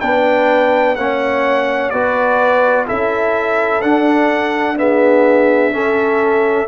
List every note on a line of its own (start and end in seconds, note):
0.00 0.96 B3
0.00 0.96 D4
0.00 0.98 B4
0.00 0.95 G5
0.95 1.91 A#3
0.95 1.92 C#4
0.95 1.93 C#5
0.95 1.89 F#5
1.89 2.88 B3
1.89 2.86 F#4
1.89 2.86 B4
1.89 2.85 D5
2.86 3.82 C#4
2.86 3.81 E4
2.86 4.76 A4
2.86 3.81 E5
3.81 4.76 D4
3.81 5.72 D4
3.81 4.76 F#5
4.76 5.72 B3
4.76 5.74 G#4
4.76 6.67 E5
5.72 6.67 C#4
5.72 6.67 A4